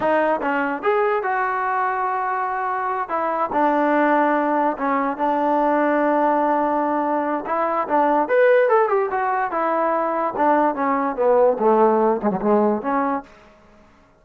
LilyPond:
\new Staff \with { instrumentName = "trombone" } { \time 4/4 \tempo 4 = 145 dis'4 cis'4 gis'4 fis'4~ | fis'2.~ fis'8 e'8~ | e'8 d'2. cis'8~ | cis'8 d'2.~ d'8~ |
d'2 e'4 d'4 | b'4 a'8 g'8 fis'4 e'4~ | e'4 d'4 cis'4 b4 | a4. gis16 fis16 gis4 cis'4 | }